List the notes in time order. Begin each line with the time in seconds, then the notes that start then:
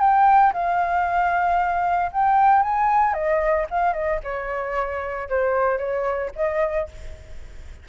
0.00 G5
0.53 F5
2.12 G5
2.62 G#5
3.13 D#5
3.70 F5
3.93 D#5
4.23 C#5
5.29 C5
5.78 C#5
6.36 D#5